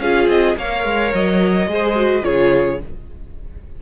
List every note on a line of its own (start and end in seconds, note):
0.00 0.28 C#4
0.00 0.58 F4
0.00 0.58 G#4
0.00 0.29 F5
0.28 0.56 C4
0.28 0.57 D#5
0.58 0.85 A#3
0.58 1.69 A#4
0.58 1.69 C#5
0.58 1.14 F5
0.85 1.13 G#3
1.15 1.67 F#3
1.15 2.25 D#5
1.67 2.23 G#3
1.67 1.95 G#4
1.67 2.25 C5
1.95 2.23 F#4
2.23 2.83 C#3
2.23 2.79 F4
2.23 2.80 G#4
2.23 2.80 C#5